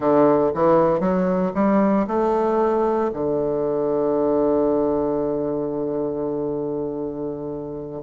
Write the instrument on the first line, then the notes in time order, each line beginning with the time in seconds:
bassoon
0.00 D3
0.54 E3
1.00 F#3
1.54 G3
2.07 A3
3.13 D3